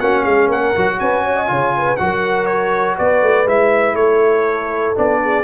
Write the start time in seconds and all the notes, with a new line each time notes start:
0.00 A#3 C#4 F#4 F#5
0.23 G#3 G#4 F5
0.47 A#3 A#4 F#5
0.76 F#3 F#4
0.99 C#4 B4 G#5
1.24 C#5
1.36 D#5
1.47 C#3 F4 C#5
1.77 B4
1.96 F#3 F#4 F#5
2.03 A#4
2.46 C#5
2.97 B3 B4 D5
3.22 A3
3.46 G#3 E4 E5
3.94 A3 A4 C#5
4.95 B3 D4 D5
5.23 G#4